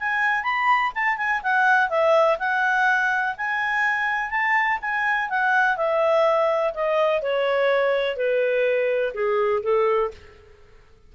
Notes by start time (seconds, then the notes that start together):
0.00 G#5
0.44 B5
0.95 A5
1.17 G#5
1.43 F#5
1.90 E5
2.39 F#5
3.38 G#5
4.31 A5
4.81 G#5
5.30 F#5
5.77 E5
6.74 D#5
7.22 C#5
8.17 B4
9.15 G#4
9.63 A4